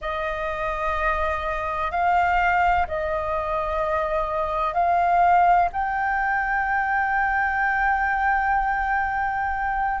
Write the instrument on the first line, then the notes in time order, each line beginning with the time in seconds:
flute
0.01 D#5
1.90 F5
2.87 D#5
4.73 F5
5.72 G5